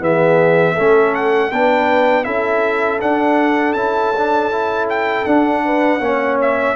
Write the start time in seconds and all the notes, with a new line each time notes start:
0.00 E3 B3 G#4 E5
0.73 A3 C#4 A4
1.14 F#5
1.51 B3 D4 B4 G5
2.24 C#4 E4 A4 E5
3.01 D4 F#5
3.73 C#4 E4 A5
4.17 D4
4.51 E4
4.89 G5
5.24 D4 F#5
5.65 B4
6.00 A#3 C#4 C#5
6.41 E5